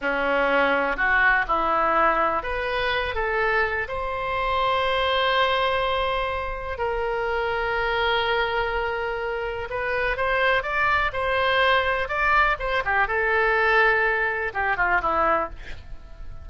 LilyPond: \new Staff \with { instrumentName = "oboe" } { \time 4/4 \tempo 4 = 124 cis'2 fis'4 e'4~ | e'4 b'4. a'4. | c''1~ | c''2 ais'2~ |
ais'1 | b'4 c''4 d''4 c''4~ | c''4 d''4 c''8 g'8 a'4~ | a'2 g'8 f'8 e'4 | }